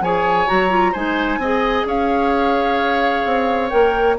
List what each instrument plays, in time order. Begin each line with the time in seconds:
0.00 bassoon F3, clarinet G#4, oboe C#5, flute G#5
0.46 bassoon F#3, clarinet F#4, flute A#5
0.70 clarinet F4
0.92 bassoon G#3, clarinet D#4, oboe C5, flute G#5
1.37 bassoon C4, clarinet G#4, oboe D#5
1.85 bassoon C#4, oboe C#5, flute F5
3.25 bassoon C4
3.69 bassoon A#3, clarinet A#4, flute G5